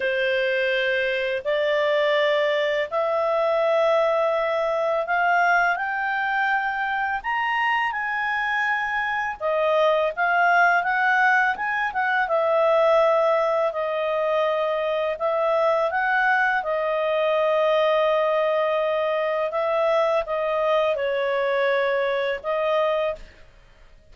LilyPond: \new Staff \with { instrumentName = "clarinet" } { \time 4/4 \tempo 4 = 83 c''2 d''2 | e''2. f''4 | g''2 ais''4 gis''4~ | gis''4 dis''4 f''4 fis''4 |
gis''8 fis''8 e''2 dis''4~ | dis''4 e''4 fis''4 dis''4~ | dis''2. e''4 | dis''4 cis''2 dis''4 | }